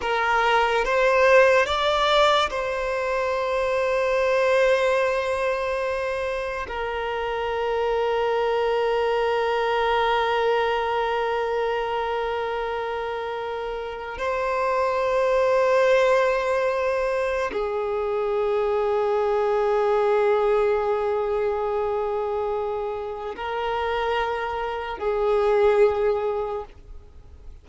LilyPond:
\new Staff \with { instrumentName = "violin" } { \time 4/4 \tempo 4 = 72 ais'4 c''4 d''4 c''4~ | c''1 | ais'1~ | ais'1~ |
ais'4 c''2.~ | c''4 gis'2.~ | gis'1 | ais'2 gis'2 | }